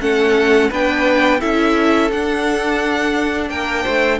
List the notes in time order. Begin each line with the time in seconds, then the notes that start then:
0.00 A3 C#4 A4 F#5
0.69 B3 D4 B4 G5
1.39 C#4 E4 A4 E5
2.10 D4 F#5
3.49 A#3 A#4 G5
3.83 A3 C5